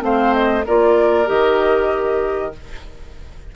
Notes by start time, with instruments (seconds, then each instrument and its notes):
0.00 bassoon A3, clarinet C4, oboe C5, flute F5
0.34 flute D#5
0.65 bassoon A#3, clarinet F4, oboe A#4, flute D5
1.26 bassoon D#3, clarinet G4, flute D#5